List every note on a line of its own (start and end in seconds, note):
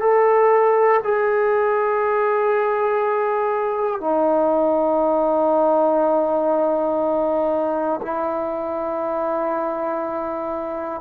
0.00 1.00 A4
1.03 4.00 G#4
4.00 8.00 D#4
8.02 11.01 E4